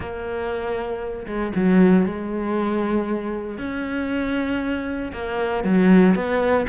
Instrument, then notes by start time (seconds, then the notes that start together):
cello
0.00 A#3
1.26 G#3
1.55 F#3
2.05 G#3
3.58 C#4
5.12 A#3
5.63 F#3
6.15 B3